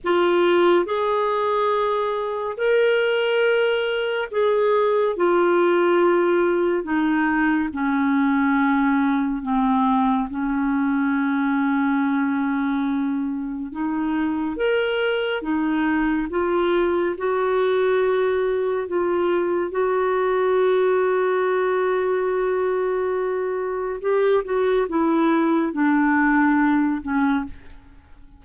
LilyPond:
\new Staff \with { instrumentName = "clarinet" } { \time 4/4 \tempo 4 = 70 f'4 gis'2 ais'4~ | ais'4 gis'4 f'2 | dis'4 cis'2 c'4 | cis'1 |
dis'4 ais'4 dis'4 f'4 | fis'2 f'4 fis'4~ | fis'1 | g'8 fis'8 e'4 d'4. cis'8 | }